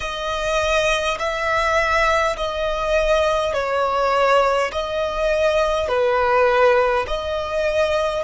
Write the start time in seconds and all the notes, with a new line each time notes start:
0.00 D#5
1.18 E5
2.36 D#5
3.53 C#5
4.72 D#5
5.88 B4
7.07 D#5